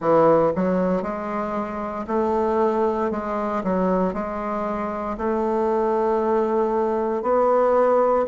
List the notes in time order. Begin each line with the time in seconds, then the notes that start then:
0.00 E3
0.55 F#3
1.02 G#3
2.07 A3
3.10 G#3
3.63 F#3
4.13 G#3
5.17 A3
7.22 B3